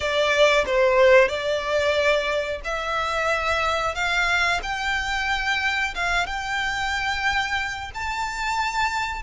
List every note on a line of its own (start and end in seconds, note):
0.00 0.64 D5
0.66 1.28 C5
1.28 2.60 D5
2.64 3.94 E5
3.94 4.60 F5
4.62 5.94 G5
5.94 6.26 F5
6.26 7.91 G5
7.94 9.22 A5